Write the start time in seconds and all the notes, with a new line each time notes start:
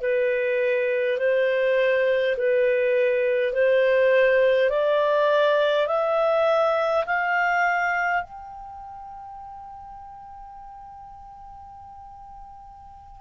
0.00 B4
1.18 C5
2.36 B4
3.53 C5
4.70 D5
5.87 E5
7.05 F5
8.23 G5